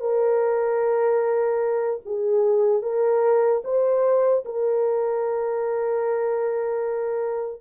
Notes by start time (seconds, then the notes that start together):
0.00 A#4
2.05 G#4
2.82 A#4
3.64 C5
4.45 A#4